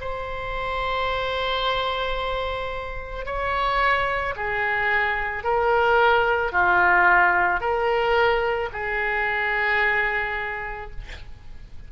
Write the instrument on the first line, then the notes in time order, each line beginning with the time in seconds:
oboe
0.00 C5
3.25 C#5
4.35 G#4
5.43 A#4
6.52 F4
7.60 A#4
8.72 G#4